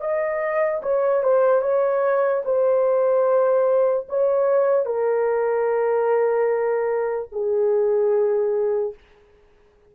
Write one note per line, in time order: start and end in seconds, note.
0.00 0.81 D#5
0.82 1.23 C#5
1.23 1.61 C5
1.61 2.42 C#5
2.44 4.07 C5
4.08 4.85 C#5
4.85 7.29 A#4
7.32 8.94 G#4